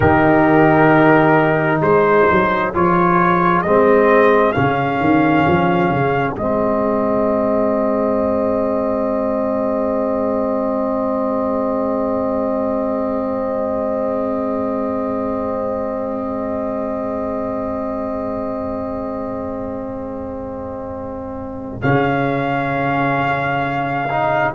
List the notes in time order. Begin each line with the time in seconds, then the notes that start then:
0.00 D#3 D#4 G4 A#4
1.80 G#3 G#4 C5
2.30 F#3
2.73 F3 F4 C#5
3.61 G#3 C4 D#5
4.52 C#3 C#4 F5
5.00 D#3
5.47 F3
5.90 C#3
6.36 G#3 C4 D#5
21.81 C#3 C#4 F5
24.09 D#4